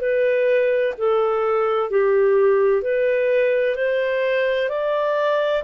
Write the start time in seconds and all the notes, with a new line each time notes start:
0.00 B4
0.98 A4
1.90 G4
2.82 B4
3.75 C5
4.69 D5